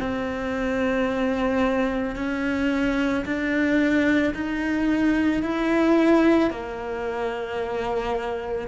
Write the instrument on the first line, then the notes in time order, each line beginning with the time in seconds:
cello
0.00 C4
2.16 C#4
3.25 D4
4.35 D#4
5.43 E4
6.51 A#3